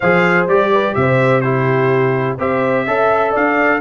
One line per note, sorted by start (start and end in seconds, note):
0.00 0.46 F3
0.00 0.49 G#4
0.00 0.71 C5
0.00 0.46 F5
0.46 0.94 G3
0.46 1.43 G4
0.46 0.94 D5
0.72 0.96 B4
0.94 2.38 C3
0.94 1.42 C5
0.94 1.41 E5
1.41 2.38 E4
1.41 2.38 G4
1.41 2.36 C5
2.38 2.86 C4
2.38 2.86 G4
2.38 2.85 C5
2.38 3.35 E5
2.86 3.34 C#4
2.86 3.80 A4
2.86 3.31 E5
3.31 3.80 D4
3.31 3.79 D5
3.31 3.80 F5